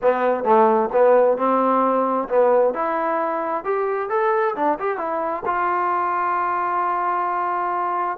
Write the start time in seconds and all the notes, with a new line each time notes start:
0.02 B3
0.44 A3
0.92 B3
1.37 C4
2.29 B3
2.74 E4
3.64 G4
4.09 A4
4.55 D4
4.79 G4
4.97 E4
5.45 F4